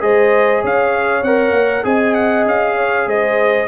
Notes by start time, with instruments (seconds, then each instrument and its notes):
0.00 tuba G#3, trombone G#4, horn C5, trumpet D#5
0.62 tuba C#4, horn C#5, trumpet F5
1.22 tuba C4, trombone A#4, trumpet F#5
1.51 tuba A#3
1.83 tuba C4, trombone G#4, horn D#5, trumpet G#5
2.14 trumpet F#5
2.45 tuba C#4, trumpet F5
2.75 horn C#5
3.06 tuba G#3, horn C5, trumpet D#5